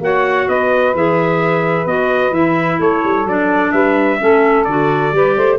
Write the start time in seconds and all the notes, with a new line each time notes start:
0.00 A#3 F#4 C#5 F#5
0.47 B3 B4 D#5
0.94 E3 G#4 E5
1.86 B3 F#4 D#5
2.31 E3 E4 E5
2.78 A3 A4 C#5
3.04 G3
3.25 F#3 D4 D5
3.72 G3 B4 E5
4.19 A3 C#4 A4
4.64 D3 F#4 D5
5.12 G3 G4 B4
5.36 A3 C5